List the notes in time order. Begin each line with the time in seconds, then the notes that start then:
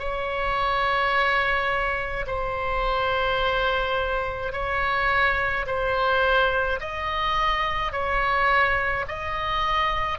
0.00 C#5
2.27 C5
4.53 C#5
5.67 C5
6.80 D#5
7.92 C#5
9.08 D#5